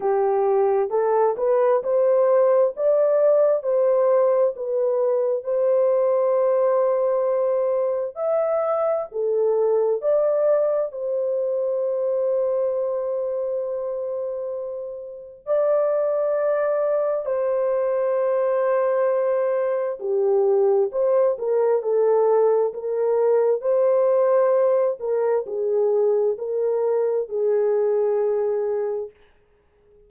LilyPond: \new Staff \with { instrumentName = "horn" } { \time 4/4 \tempo 4 = 66 g'4 a'8 b'8 c''4 d''4 | c''4 b'4 c''2~ | c''4 e''4 a'4 d''4 | c''1~ |
c''4 d''2 c''4~ | c''2 g'4 c''8 ais'8 | a'4 ais'4 c''4. ais'8 | gis'4 ais'4 gis'2 | }